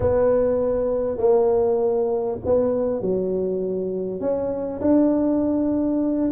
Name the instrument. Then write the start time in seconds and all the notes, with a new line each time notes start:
tuba
0.00 B3
1.17 A#3
2.45 B3
3.01 F#3
4.20 C#4
4.81 D4